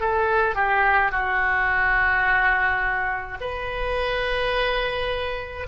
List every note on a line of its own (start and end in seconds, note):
0.00 0.55 A4
0.55 1.11 G4
1.11 3.38 F#4
3.41 5.67 B4